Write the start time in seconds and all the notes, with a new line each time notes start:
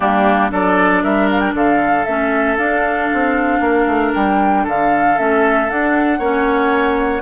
0.00 G3 A#3 D4 G4
0.50 F#3 D4 A4 D5
1.03 G3 A#4 E5
1.31 F5
1.40 G5
1.54 D3 A4 F5
2.04 A3 C#4 E5
2.57 D4 F5
3.13 C4
3.60 A#3 A#4
3.86 A3
4.14 G3 G5
4.63 D3 A4 F5
5.16 A3 C#4 E5
5.69 D4 F#5
6.18 A#3 C#4 C#5